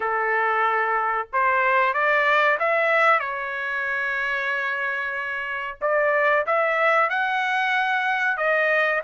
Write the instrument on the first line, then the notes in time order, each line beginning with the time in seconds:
trumpet
0.00 A4
1.33 C5
1.93 D5
2.59 E5
3.19 C#5
5.81 D5
6.46 E5
7.09 F#5
8.37 D#5